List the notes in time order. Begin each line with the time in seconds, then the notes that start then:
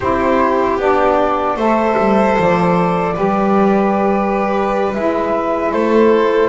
0.00 C4 E4 G4 C5
0.77 B3 D4 D5
1.55 A3 A4 C5 E5
1.97 G3
2.38 F3 D5
3.15 G3 G4 B4
4.93 G#3 E4 E5
5.71 A3 A4 C5